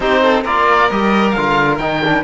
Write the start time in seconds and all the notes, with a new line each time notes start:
0.00 C4 D#4 G4 C5
0.22 A4
0.44 A#3 F4 A#4 D5
0.90 G3 G4 D#5
1.30 F5
1.36 D3 F4
1.78 D#3 D#4 G5
2.04 D4